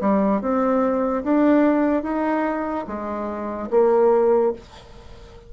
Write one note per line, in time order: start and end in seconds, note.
0.00 0.41 G3
0.41 1.23 C4
1.23 2.02 D4
2.02 2.85 D#4
2.87 3.69 G#3
3.70 4.52 A#3